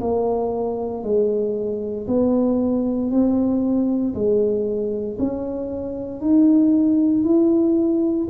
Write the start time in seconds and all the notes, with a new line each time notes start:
0.00 A#3
1.03 G#3
2.07 B3
3.10 C4
4.14 G#3
5.19 C#4
6.21 D#4
7.24 E4